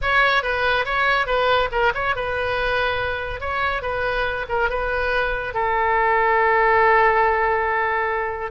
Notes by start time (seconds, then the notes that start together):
0.01 C#5
0.43 B4
0.85 C#5
1.26 B4
1.71 A#4
1.94 C#5
2.15 B4
3.40 C#5
3.82 B4
4.48 A#4
4.69 B4
5.54 A4